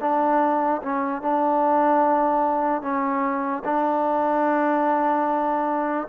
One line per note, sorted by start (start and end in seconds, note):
0.00 0.81 D4
0.82 1.22 C#4
1.22 2.82 D4
2.82 3.63 C#4
3.64 6.08 D4